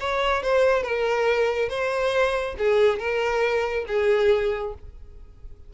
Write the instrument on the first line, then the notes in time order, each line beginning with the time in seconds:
violin
0.00 C#5
0.43 C5
0.83 A#4
1.69 C5
2.58 G#4
2.99 A#4
3.88 G#4